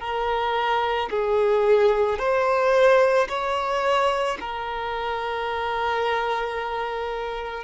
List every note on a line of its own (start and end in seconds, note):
0.00 1.09 A#4
1.10 2.19 G#4
2.19 3.28 C5
3.29 4.38 C#5
4.40 7.64 A#4